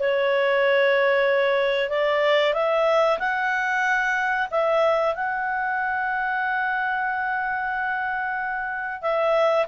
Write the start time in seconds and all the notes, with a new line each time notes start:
0.00 C#5
1.90 D5
2.54 E5
3.19 F#5
4.51 E5
5.15 F#5
9.02 E5